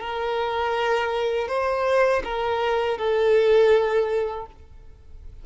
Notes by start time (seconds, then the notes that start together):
0.00 A#4
1.48 C5
2.24 A#4
2.98 A4